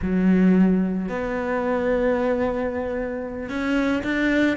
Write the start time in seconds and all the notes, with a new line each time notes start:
0.01 F#3
1.09 B3
3.49 C#4
4.03 D4